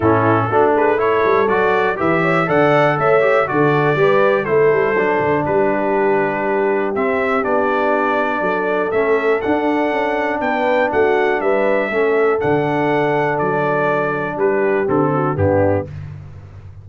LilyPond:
<<
  \new Staff \with { instrumentName = "trumpet" } { \time 4/4 \tempo 4 = 121 a'4. b'8 cis''4 d''4 | e''4 fis''4 e''4 d''4~ | d''4 c''2 b'4~ | b'2 e''4 d''4~ |
d''2 e''4 fis''4~ | fis''4 g''4 fis''4 e''4~ | e''4 fis''2 d''4~ | d''4 b'4 a'4 g'4 | }
  \new Staff \with { instrumentName = "horn" } { \time 4/4 e'4 fis'8 gis'8 a'2 | b'8 cis''8 d''4 cis''4 a'4 | b'4 a'2 g'4~ | g'1~ |
g'4 a'2.~ | a'4 b'4 fis'4 b'4 | a'1~ | a'4 g'4. fis'8 d'4 | }
  \new Staff \with { instrumentName = "trombone" } { \time 4/4 cis'4 d'4 e'4 fis'4 | g'4 a'4. g'8 fis'4 | g'4 e'4 d'2~ | d'2 c'4 d'4~ |
d'2 cis'4 d'4~ | d'1 | cis'4 d'2.~ | d'2 c'4 b4 | }
  \new Staff \with { instrumentName = "tuba" } { \time 4/4 a,4 a4. g8 fis4 | e4 d4 a4 d4 | g4 a8 g8 fis8 d8 g4~ | g2 c'4 b4~ |
b4 fis4 a4 d'4 | cis'4 b4 a4 g4 | a4 d2 fis4~ | fis4 g4 d4 g,4 | }
>>